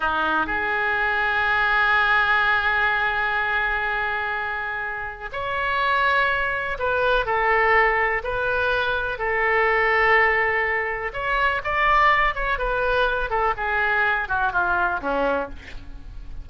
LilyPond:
\new Staff \with { instrumentName = "oboe" } { \time 4/4 \tempo 4 = 124 dis'4 gis'2.~ | gis'1~ | gis'2. cis''4~ | cis''2 b'4 a'4~ |
a'4 b'2 a'4~ | a'2. cis''4 | d''4. cis''8 b'4. a'8 | gis'4. fis'8 f'4 cis'4 | }